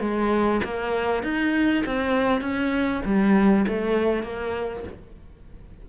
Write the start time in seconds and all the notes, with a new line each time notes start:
0.00 G#3
0.63 A#3
1.23 D#4
1.85 C4
2.41 C#4
3.05 G3
3.68 A3
4.23 A#3